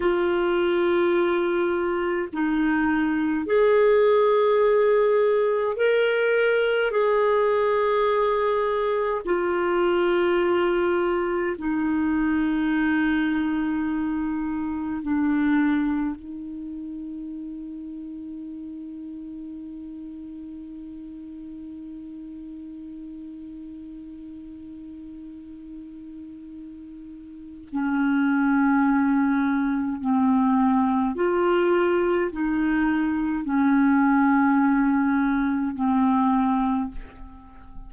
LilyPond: \new Staff \with { instrumentName = "clarinet" } { \time 4/4 \tempo 4 = 52 f'2 dis'4 gis'4~ | gis'4 ais'4 gis'2 | f'2 dis'2~ | dis'4 d'4 dis'2~ |
dis'1~ | dis'1 | cis'2 c'4 f'4 | dis'4 cis'2 c'4 | }